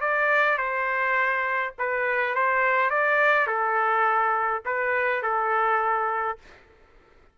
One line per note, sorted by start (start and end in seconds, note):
0.00 0.57 D5
0.57 1.73 C5
1.79 2.35 B4
2.35 2.90 C5
2.90 3.47 D5
3.47 4.62 A4
4.65 5.22 B4
5.22 6.38 A4